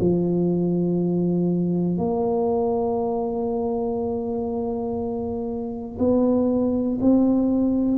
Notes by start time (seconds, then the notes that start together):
0.00 F3
1.97 A#3
5.98 B3
7.00 C4